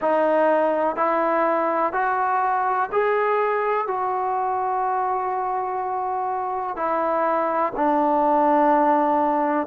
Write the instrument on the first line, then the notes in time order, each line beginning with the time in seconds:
trombone
0.00 D#4
0.96 E4
1.92 F#4
2.92 G#4
3.87 F#4
6.76 E4
7.76 D4